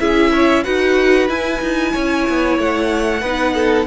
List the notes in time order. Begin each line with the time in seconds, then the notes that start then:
0.00 C#4 E4 G#4 E5
0.33 C#5
0.64 D#4 F#4 B4 F#5
1.29 E4 G#5
1.62 D#4
1.93 C#4 C#5
2.29 B3
2.59 A3 F#5
3.22 B3 D#4 B4
3.55 A4